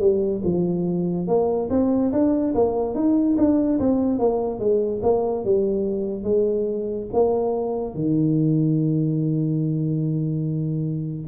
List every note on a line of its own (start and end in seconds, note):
0.00 0.42 G3
0.44 1.28 F3
1.28 1.69 A#3
1.70 2.12 C4
2.12 2.54 D4
2.55 2.95 A#3
2.95 3.36 D#4
3.38 3.80 D4
3.80 4.19 C4
4.19 4.59 A#3
4.59 5.01 G#3
5.03 5.45 A#3
5.45 6.24 G3
6.24 7.07 G#3
7.13 7.95 A#3
7.95 11.28 D#3